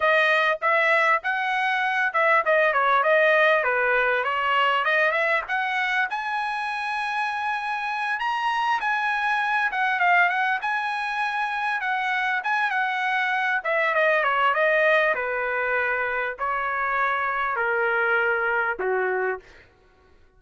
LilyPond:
\new Staff \with { instrumentName = "trumpet" } { \time 4/4 \tempo 4 = 99 dis''4 e''4 fis''4. e''8 | dis''8 cis''8 dis''4 b'4 cis''4 | dis''8 e''8 fis''4 gis''2~ | gis''4. ais''4 gis''4. |
fis''8 f''8 fis''8 gis''2 fis''8~ | fis''8 gis''8 fis''4. e''8 dis''8 cis''8 | dis''4 b'2 cis''4~ | cis''4 ais'2 fis'4 | }